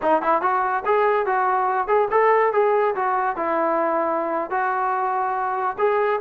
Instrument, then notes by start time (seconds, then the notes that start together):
trombone
0.02 D#4
0.22 E4
0.41 F#4
0.85 G#4
1.26 F#4
1.87 G#4
2.10 A4
2.52 G#4
2.95 F#4
3.36 E4
4.50 F#4
5.78 G#4